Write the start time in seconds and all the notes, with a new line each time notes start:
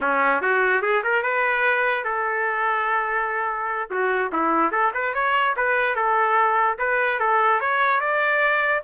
0.01 C#4
0.41 F#4
0.82 G#4
1.03 A#4
1.22 B4
2.04 A4
3.90 F#4
4.32 E4
4.71 A4
4.94 B4
5.14 C#5
5.56 B4
5.95 A4
6.78 B4
7.19 A4
7.60 C#5
8.00 D5